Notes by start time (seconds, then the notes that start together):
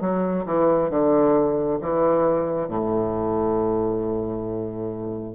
0.00 F#3
0.45 E3
0.90 D3
1.80 E3
2.68 A2